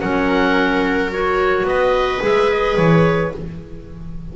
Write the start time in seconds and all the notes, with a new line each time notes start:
0.00 F#3 C#4 A#4 F#5
1.12 F#4 C#5
1.64 B3 D#5
1.70 B4
2.21 G#3 G#4 E5
2.51 D#5
2.77 E3 C#5